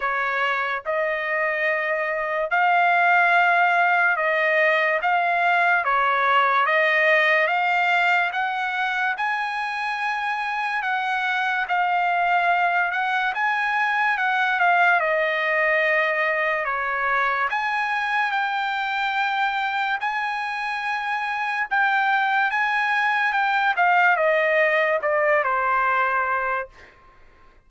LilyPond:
\new Staff \with { instrumentName = "trumpet" } { \time 4/4 \tempo 4 = 72 cis''4 dis''2 f''4~ | f''4 dis''4 f''4 cis''4 | dis''4 f''4 fis''4 gis''4~ | gis''4 fis''4 f''4. fis''8 |
gis''4 fis''8 f''8 dis''2 | cis''4 gis''4 g''2 | gis''2 g''4 gis''4 | g''8 f''8 dis''4 d''8 c''4. | }